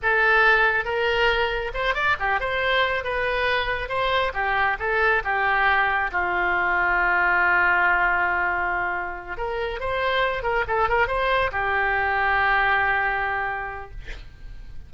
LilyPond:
\new Staff \with { instrumentName = "oboe" } { \time 4/4 \tempo 4 = 138 a'2 ais'2 | c''8 d''8 g'8 c''4. b'4~ | b'4 c''4 g'4 a'4 | g'2 f'2~ |
f'1~ | f'4. ais'4 c''4. | ais'8 a'8 ais'8 c''4 g'4.~ | g'1 | }